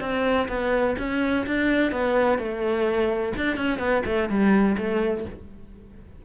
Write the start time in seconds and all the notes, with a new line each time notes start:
0.00 C4
0.48 B3
0.98 C#4
1.46 D4
1.91 B3
2.38 A3
3.36 D4
3.56 C#4
3.78 B3
4.05 A3
4.29 G3
4.77 A3